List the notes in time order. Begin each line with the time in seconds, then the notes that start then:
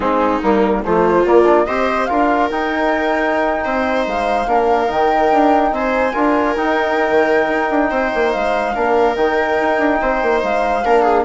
0.00 G#3 C4 D#4 G#4
0.41 G3 A#3 A#4
0.85 F3 A3 F4 C5
1.25 A#3 D5
1.44 D4
1.65 C4 G4 C5 D#5
2.05 D4 F4 A#4 F5
2.50 D#4 G5
3.64 C4 C5
4.06 G#3 F5
4.46 A#3 D4 A#4
4.87 D#3 D#4 G5
5.31 D4
5.72 C4 C5 G#5
6.13 D4 F4 A#4
6.55 D#4 G5
7.09 D#3
7.48 D#4
7.70 D4
7.90 C4 C5
8.14 A#3
8.32 G#3 F5
8.74 A#3 D4 A#4
9.16 D#3 D#4 G5
9.61 D#4
9.78 D4
10.01 C4 C5
10.22 A#3
10.43 G#3 F5
10.84 A#3 D4 A#4
11.02 G#4